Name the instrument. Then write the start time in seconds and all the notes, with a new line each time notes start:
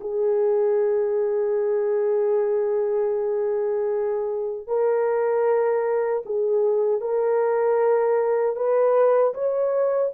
horn
0.00 G#4
4.67 A#4
6.25 G#4
7.00 A#4
8.55 B4
9.34 C#5